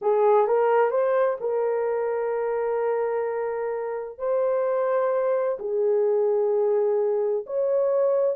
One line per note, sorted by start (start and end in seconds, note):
0.01 0.47 G#4
0.47 0.90 A#4
0.90 1.37 C5
1.40 4.18 A#4
4.18 5.58 C5
5.59 7.45 G#4
7.46 8.36 C#5